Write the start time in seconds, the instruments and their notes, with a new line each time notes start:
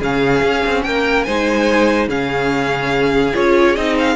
0.00 cello C#3, viola C#4, violin G#4 F5
0.43 cello C#4
0.66 cello C4
0.83 cello A#3, violin A#4 G5
1.23 cello G#3, viola D#4, violin C5 G#5
2.08 cello C#3, viola C#4, violin G#4 F5
3.34 cello C#4, viola F4, violin C#5
3.76 cello C4, viola D#4, violin D#5
3.99 violin F5